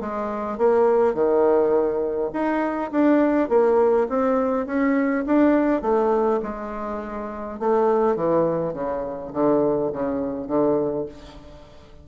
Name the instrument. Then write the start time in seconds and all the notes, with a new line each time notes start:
bassoon
0.00 G#3
0.58 A#3
1.14 D#3
2.33 D#4
2.91 D4
3.49 A#3
4.09 C4
4.66 C#4
5.26 D4
5.82 A3
6.43 G#3
7.59 A3
8.16 E3
8.73 C#3
9.33 D3
9.92 C#3
10.47 D3